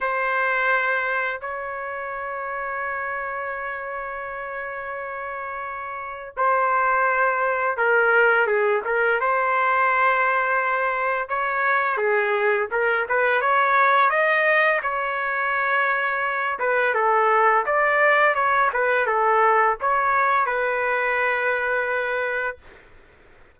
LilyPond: \new Staff \with { instrumentName = "trumpet" } { \time 4/4 \tempo 4 = 85 c''2 cis''2~ | cis''1~ | cis''4 c''2 ais'4 | gis'8 ais'8 c''2. |
cis''4 gis'4 ais'8 b'8 cis''4 | dis''4 cis''2~ cis''8 b'8 | a'4 d''4 cis''8 b'8 a'4 | cis''4 b'2. | }